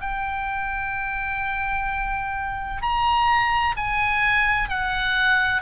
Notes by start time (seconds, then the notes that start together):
0.00 G5
2.81 A#5
3.76 G#5
4.69 F#5